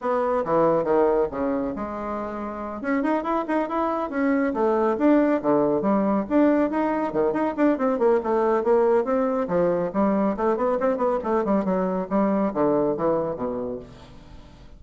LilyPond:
\new Staff \with { instrumentName = "bassoon" } { \time 4/4 \tempo 4 = 139 b4 e4 dis4 cis4 | gis2~ gis8 cis'8 dis'8 e'8 | dis'8 e'4 cis'4 a4 d'8~ | d'8 d4 g4 d'4 dis'8~ |
dis'8 dis8 dis'8 d'8 c'8 ais8 a4 | ais4 c'4 f4 g4 | a8 b8 c'8 b8 a8 g8 fis4 | g4 d4 e4 b,4 | }